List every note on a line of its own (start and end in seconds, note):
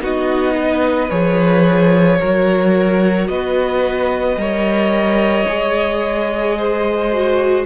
0.00 1.09 B3
0.00 1.09 D#4
0.00 0.54 F#4
0.00 1.10 D#5
0.54 2.18 B4
1.10 2.20 F3
1.10 2.19 G#4
1.10 3.27 C#5
2.19 3.28 F#3
2.19 4.37 F#4
2.19 3.28 A#4
3.27 4.36 B3
3.27 4.40 B4
3.27 7.64 D#5
4.36 5.45 G3
4.36 5.46 A#4
4.36 6.57 C#5
5.47 7.66 G#3
5.47 7.11 G#4
6.57 7.66 C5
7.11 7.66 F#4